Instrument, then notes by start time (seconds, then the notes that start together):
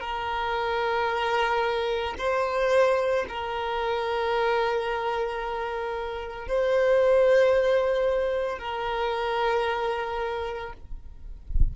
violin
0.00 A#4
2.18 C5
3.29 A#4
6.48 C5
8.59 A#4